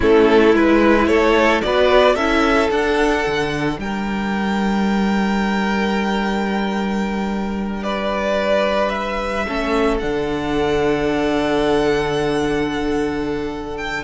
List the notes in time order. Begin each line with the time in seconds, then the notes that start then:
0.00 A3 C#4 E4 A4
0.54 G#3 E4 B4
1.07 A3 A4 C#5
1.61 B3 F#4 B4 D5
2.15 C#4 E4 A4 E5
2.70 D4 F#5
3.26 D3
3.78 G3 A#4 G5
7.83 B4 D5
8.89 E5
9.47 A3 C#4 A4
9.99 D3 D4 F#5
13.77 G5